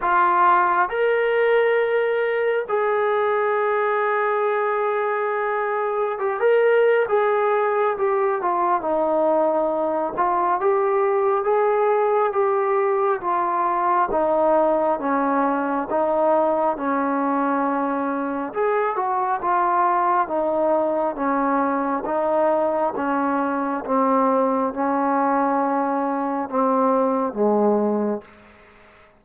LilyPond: \new Staff \with { instrumentName = "trombone" } { \time 4/4 \tempo 4 = 68 f'4 ais'2 gis'4~ | gis'2. g'16 ais'8. | gis'4 g'8 f'8 dis'4. f'8 | g'4 gis'4 g'4 f'4 |
dis'4 cis'4 dis'4 cis'4~ | cis'4 gis'8 fis'8 f'4 dis'4 | cis'4 dis'4 cis'4 c'4 | cis'2 c'4 gis4 | }